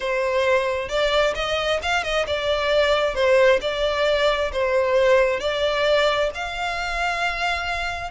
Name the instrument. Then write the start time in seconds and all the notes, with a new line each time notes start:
violin
0.00 C5
0.88 D5
1.35 D#5
1.82 F5
2.03 D#5
2.26 D5
3.14 C5
3.61 D5
4.52 C5
5.40 D5
6.34 F5